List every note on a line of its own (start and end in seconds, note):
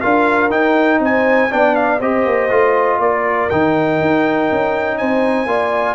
0.00 0.51 D4
0.00 0.50 F4
0.00 0.99 A#4
0.00 0.50 F5
0.50 1.49 D#4
0.50 0.99 D#4
0.50 1.00 G5
0.99 1.48 C4
0.99 1.50 C5
0.99 1.52 G#5
1.50 2.00 B3
1.50 2.00 D4
1.50 1.99 D5
1.50 1.75 G5
1.75 2.00 F5
1.99 2.25 C4
1.99 2.50 G4
1.99 2.98 C5
1.99 3.00 D#5
2.25 2.50 A#3
2.50 2.99 A3
2.50 3.49 F4
2.99 3.48 A#3
2.99 4.98 A#4
2.99 3.49 D5
3.49 4.01 D#3
3.49 5.47 D#4
3.49 4.98 G5
4.01 4.50 D#4
4.51 5.01 C#4
4.98 5.45 C4
4.98 5.48 C5
4.98 5.94 G#5
5.45 5.94 A#3
5.45 5.94 F4
5.45 5.94 D5